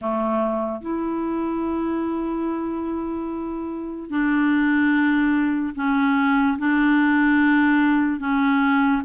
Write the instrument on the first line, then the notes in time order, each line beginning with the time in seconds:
clarinet
0.01 A3
0.81 E4
4.09 D4
5.75 C#4
6.58 D4
8.20 C#4